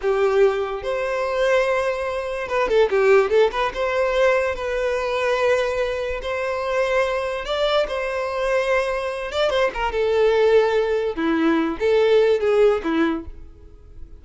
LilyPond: \new Staff \with { instrumentName = "violin" } { \time 4/4 \tempo 4 = 145 g'2 c''2~ | c''2 b'8 a'8 g'4 | a'8 b'8 c''2 b'4~ | b'2. c''4~ |
c''2 d''4 c''4~ | c''2~ c''8 d''8 c''8 ais'8 | a'2. e'4~ | e'8 a'4. gis'4 e'4 | }